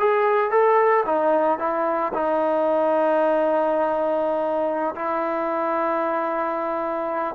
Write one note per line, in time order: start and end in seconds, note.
0.00 0.51 G#4
0.51 1.05 A4
1.06 1.59 D#4
1.59 2.13 E4
2.14 4.95 D#4
4.96 7.35 E4